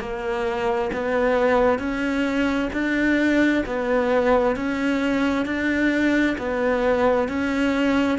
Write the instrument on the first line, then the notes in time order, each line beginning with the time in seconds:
cello
0.00 A#3
0.93 B3
1.79 C#4
2.73 D4
3.66 B3
4.56 C#4
5.45 D4
6.38 B3
7.28 C#4